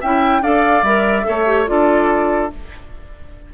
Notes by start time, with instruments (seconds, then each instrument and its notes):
0.00 bassoon C#4, clarinet E4, oboe E5, flute G5
0.41 bassoon D4, clarinet A4, oboe D5, flute F5
0.82 bassoon G3, clarinet A#4, flute E5
1.23 bassoon A3, clarinet A4, oboe C#5
1.45 clarinet G4
1.66 bassoon D4, clarinet F4, oboe A4, flute D5